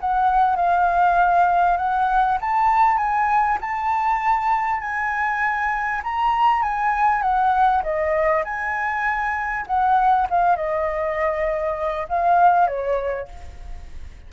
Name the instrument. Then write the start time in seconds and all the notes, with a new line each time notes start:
flute
0.00 F#5
0.56 F5
1.77 F#5
2.40 A5
2.97 G#5
3.60 A5
4.80 G#5
6.03 A#5
6.62 G#5
7.21 F#5
7.83 D#5
8.44 G#5
9.66 F#5
10.29 F5
10.56 D#5
12.09 F5
12.67 C#5